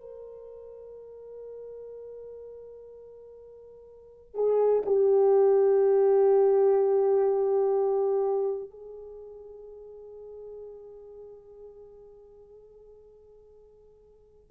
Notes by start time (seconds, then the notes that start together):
0.00 A#4
4.34 G#4
4.85 G4
8.70 G#4